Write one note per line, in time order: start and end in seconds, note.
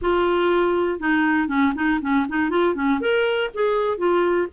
0.01 0.99 F4
0.99 1.48 D#4
1.48 1.73 C#4
1.75 2.00 D#4
2.01 2.26 C#4
2.29 2.50 D#4
2.50 2.75 F4
2.75 3.00 C#4
3.00 3.50 A#4
3.53 3.97 G#4
3.97 4.47 F4